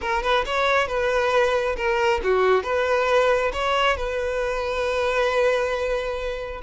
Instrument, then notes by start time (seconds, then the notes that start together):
violin
0.01 A#4
0.22 B4
0.45 C#5
0.87 B4
1.76 A#4
2.23 F#4
2.63 B4
3.52 C#5
3.97 B4